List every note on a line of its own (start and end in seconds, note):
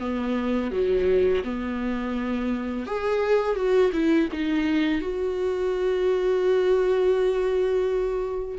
0.00 0.71 B3
0.71 1.43 F#3
1.44 2.87 B3
2.87 3.56 G#4
3.56 3.92 F#4
3.93 4.29 E4
4.32 5.02 D#4
5.02 8.59 F#4